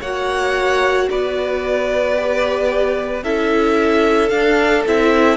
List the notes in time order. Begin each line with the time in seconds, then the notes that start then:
0.00 A#3 F#4 C#5 F#5
1.10 B3 B4 D5
2.15 G4
3.23 C#4 E4 A4 E5
4.29 D4 F5
4.86 C4 E4 E5